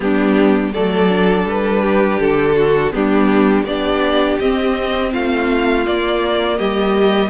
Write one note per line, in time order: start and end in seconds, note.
0.00 0.73 G3
0.00 0.73 B3
0.00 0.73 D4
0.00 0.73 G4
0.73 1.45 F#3
0.73 1.09 A3
0.73 1.82 A4
0.73 1.46 D5
1.09 2.91 D4
1.45 2.18 G3
1.45 2.20 B4
1.82 2.55 G4
2.19 2.93 D3
2.19 2.93 A4
2.55 2.92 F#4
2.91 3.64 G3
2.91 3.64 B3
2.91 3.67 D4
2.91 3.65 G4
3.64 4.37 B3
3.64 4.41 D4
3.64 5.12 G4
3.64 4.38 D5
4.39 5.13 C4
4.39 5.85 C4
4.39 5.12 D#5
5.12 5.87 A3
5.12 6.58 F4
5.12 5.86 F5
5.85 7.29 A#3
5.85 6.59 A#3
5.85 6.58 D5
6.58 7.29 G3
6.58 7.29 G4
6.58 7.29 D#5